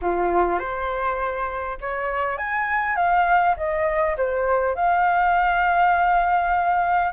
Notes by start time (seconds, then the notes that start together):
0.01 F4
0.59 C5
1.80 C#5
2.37 G#5
2.96 F5
3.56 D#5
4.17 C5
4.75 F5